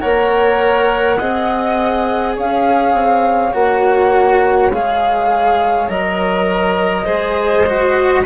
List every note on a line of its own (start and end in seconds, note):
0.00 1.20 A#3
0.00 1.18 A#4
0.00 1.19 C#5
0.00 2.35 F#5
1.19 2.38 C4
1.19 3.54 G#4
1.19 2.36 D#5
2.37 2.93 C#4
2.37 7.05 C#5
2.37 3.53 F5
2.93 3.52 C4
3.53 4.72 A#3
3.53 4.72 F#4
3.53 4.71 F#5
4.72 5.89 G#3
4.72 5.90 G#4
4.72 5.90 F5
5.89 7.07 F#3
5.89 7.07 A#4
5.89 8.25 D#5
7.05 8.25 G#3
7.05 7.66 G#4
7.05 8.23 C5
7.66 8.25 F#4